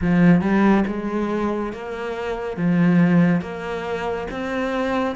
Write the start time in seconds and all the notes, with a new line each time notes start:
0.01 F3
0.41 G3
0.86 G#3
1.72 A#3
2.56 F3
3.41 A#3
4.31 C4